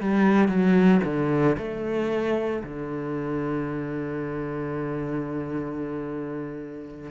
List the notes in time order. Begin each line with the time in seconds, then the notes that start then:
0.00 G3
0.48 F#3
1.04 D3
1.57 A3
2.63 D3